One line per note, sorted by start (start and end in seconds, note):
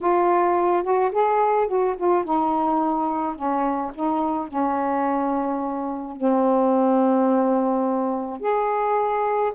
0.01 0.83 F4
0.83 1.11 F#4
1.11 1.67 G#4
1.67 1.95 F#4
1.97 2.24 F4
2.24 3.35 D#4
3.35 3.91 C#4
3.94 4.48 D#4
4.48 6.16 C#4
6.16 8.40 C4
8.40 9.52 G#4